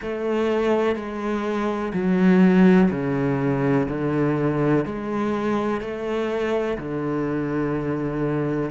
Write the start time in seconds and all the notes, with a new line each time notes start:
0.01 A3
0.95 G#3
1.93 F#3
2.90 C#3
3.88 D3
4.85 G#3
5.80 A3
6.77 D3